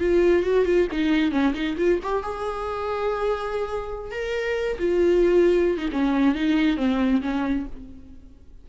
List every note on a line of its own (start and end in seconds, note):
0.00 0.43 F4
0.43 0.66 F#4
0.66 0.88 F4
0.92 1.32 D#4
1.32 1.54 C#4
1.54 1.77 D#4
1.78 2.00 F4
2.03 2.23 G4
2.23 4.12 G#4
4.12 4.78 A#4
4.79 5.78 F4
5.78 5.89 D#4
5.93 6.35 C#4
6.35 6.77 D#4
6.77 7.22 C4
7.22 7.66 C#4